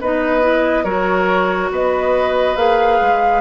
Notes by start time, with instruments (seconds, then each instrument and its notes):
0.00 bassoon B3, clarinet D#4, oboe B4, flute D#5
0.41 clarinet E4
0.84 bassoon F#3, clarinet F#4, oboe A#4, flute C#5
1.71 bassoon B3, oboe B4, flute D#5
2.56 bassoon A#3, clarinet G#4, flute F5
3.00 bassoon G#3